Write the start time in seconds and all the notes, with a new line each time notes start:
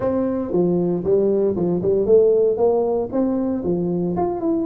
0.00 C4
0.51 F3
1.04 G3
1.55 F3
1.82 G3
2.06 A3
2.57 A#3
3.12 C4
3.64 F3
4.16 F4
4.40 E4